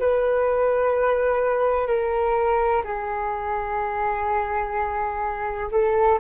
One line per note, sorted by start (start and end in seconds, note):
0.00 1.88 B4
1.88 2.83 A#4
2.85 5.71 G#4
5.72 6.19 A4